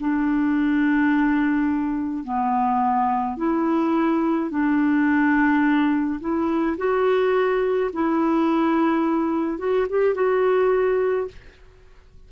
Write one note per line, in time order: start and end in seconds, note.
0.00 2.24 D4
2.24 3.37 B3
3.37 4.50 E4
4.50 6.20 D4
6.20 6.77 E4
6.77 7.90 F#4
7.93 9.58 E4
9.58 9.86 F#4
9.90 10.14 G4
10.14 11.27 F#4